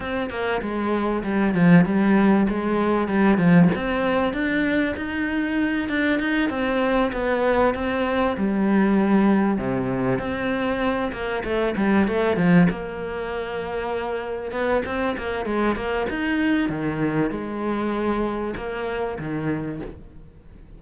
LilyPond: \new Staff \with { instrumentName = "cello" } { \time 4/4 \tempo 4 = 97 c'8 ais8 gis4 g8 f8 g4 | gis4 g8 f8 c'4 d'4 | dis'4. d'8 dis'8 c'4 b8~ | b8 c'4 g2 c8~ |
c8 c'4. ais8 a8 g8 a8 | f8 ais2. b8 | c'8 ais8 gis8 ais8 dis'4 dis4 | gis2 ais4 dis4 | }